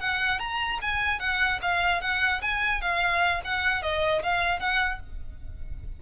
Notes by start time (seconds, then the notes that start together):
0.00 F#5
0.39 A#5
0.82 G#5
1.20 F#5
1.62 F5
2.01 F#5
2.42 G#5
2.81 F5
3.45 F#5
3.83 D#5
4.23 F5
4.60 F#5